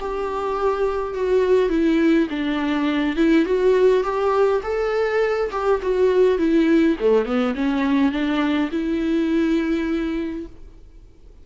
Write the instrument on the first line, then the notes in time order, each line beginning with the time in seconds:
viola
0.00 G4
1.14 F#4
1.69 E4
2.30 D4
3.16 E4
3.45 F#4
4.03 G4
4.63 A4
5.51 G4
5.82 F#4
6.38 E4
7.00 A3
7.25 B3
7.55 C#4
8.12 D4
8.71 E4